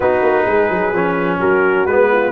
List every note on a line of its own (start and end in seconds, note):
0.00 0.21 B3
0.00 0.94 D#4
0.00 0.44 F#4
0.00 1.39 B4
0.21 0.45 A#3
0.44 0.69 G#3
0.44 1.37 G#4
0.70 0.93 F#3
0.93 1.39 F3
0.93 1.88 C#4
1.39 1.85 F#3
1.39 2.09 F#4
1.39 1.85 A#4
1.85 2.31 G#3
1.85 2.31 B3
1.85 2.31 B4
2.11 2.31 F4